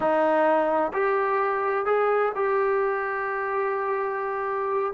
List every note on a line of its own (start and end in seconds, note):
0.00 0.92 D#4
0.93 1.85 G4
1.85 2.32 G#4
2.35 4.93 G4